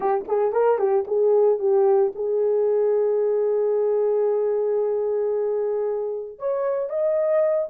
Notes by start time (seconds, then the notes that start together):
0.00 G4
0.28 G#4
0.52 A#4
0.78 G4
1.07 G#4
1.59 G4
2.15 G#4
6.39 C#5
6.89 D#5